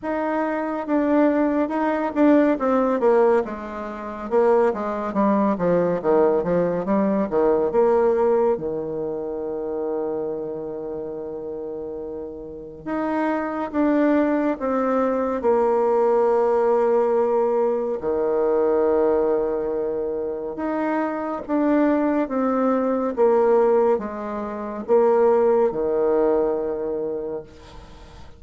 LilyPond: \new Staff \with { instrumentName = "bassoon" } { \time 4/4 \tempo 4 = 70 dis'4 d'4 dis'8 d'8 c'8 ais8 | gis4 ais8 gis8 g8 f8 dis8 f8 | g8 dis8 ais4 dis2~ | dis2. dis'4 |
d'4 c'4 ais2~ | ais4 dis2. | dis'4 d'4 c'4 ais4 | gis4 ais4 dis2 | }